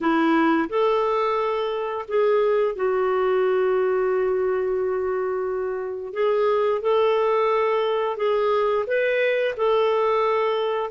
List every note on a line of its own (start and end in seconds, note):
0.00 0.68 E4
0.69 2.05 A4
2.08 2.75 G#4
2.75 6.13 F#4
6.13 6.81 G#4
6.81 8.16 A4
8.16 8.85 G#4
8.86 9.55 B4
9.56 10.90 A4